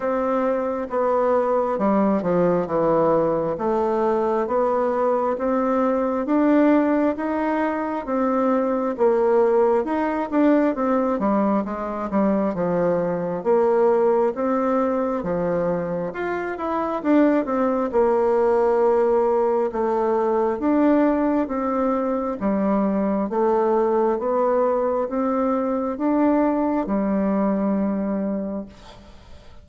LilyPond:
\new Staff \with { instrumentName = "bassoon" } { \time 4/4 \tempo 4 = 67 c'4 b4 g8 f8 e4 | a4 b4 c'4 d'4 | dis'4 c'4 ais4 dis'8 d'8 | c'8 g8 gis8 g8 f4 ais4 |
c'4 f4 f'8 e'8 d'8 c'8 | ais2 a4 d'4 | c'4 g4 a4 b4 | c'4 d'4 g2 | }